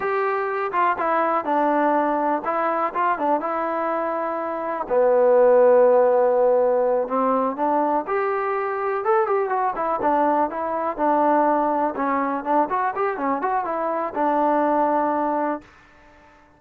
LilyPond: \new Staff \with { instrumentName = "trombone" } { \time 4/4 \tempo 4 = 123 g'4. f'8 e'4 d'4~ | d'4 e'4 f'8 d'8 e'4~ | e'2 b2~ | b2~ b8 c'4 d'8~ |
d'8 g'2 a'8 g'8 fis'8 | e'8 d'4 e'4 d'4.~ | d'8 cis'4 d'8 fis'8 g'8 cis'8 fis'8 | e'4 d'2. | }